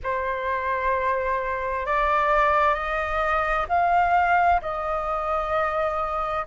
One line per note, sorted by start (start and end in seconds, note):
0.03 1.85 C5
1.85 2.74 D5
2.74 3.66 D#5
3.68 4.61 F5
4.61 6.46 D#5